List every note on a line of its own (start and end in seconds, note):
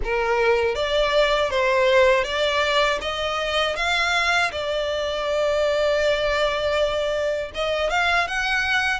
0.03 0.75 A#4
0.75 1.50 D5
1.50 2.24 C5
2.24 2.99 D5
3.01 3.76 D#5
3.76 4.51 F5
4.51 7.51 D5
7.54 7.90 D#5
7.90 8.27 F5
8.27 9.00 F#5